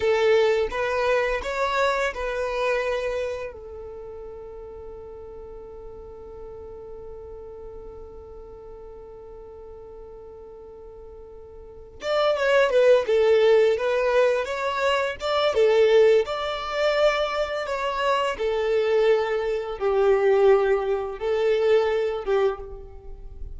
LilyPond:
\new Staff \with { instrumentName = "violin" } { \time 4/4 \tempo 4 = 85 a'4 b'4 cis''4 b'4~ | b'4 a'2.~ | a'1~ | a'1~ |
a'4 d''8 cis''8 b'8 a'4 b'8~ | b'8 cis''4 d''8 a'4 d''4~ | d''4 cis''4 a'2 | g'2 a'4. g'8 | }